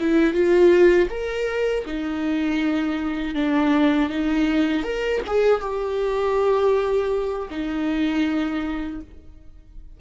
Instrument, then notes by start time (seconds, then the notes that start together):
viola
0.00 E4
0.33 F4
1.10 A#4
1.85 D#4
3.35 D4
4.09 D#4
4.83 A#4
5.27 G#4
5.61 G4
7.50 D#4